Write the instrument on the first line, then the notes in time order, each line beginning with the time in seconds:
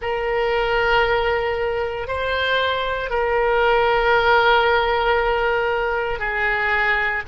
oboe
0.01 A#4
2.07 C5
3.09 A#4
6.19 G#4